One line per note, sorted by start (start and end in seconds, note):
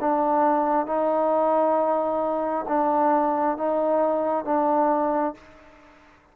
0.00 0.86 D4
0.86 2.65 D#4
2.68 3.57 D4
3.57 4.45 D#4
4.45 5.34 D4